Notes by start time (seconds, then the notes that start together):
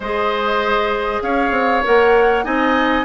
0.00 G#3 G#4 C5 D#5
1.22 C#4 C#5 F5
1.51 C4
1.84 A#3 A#4 F#5
2.44 C4 D#4 D#5 G#5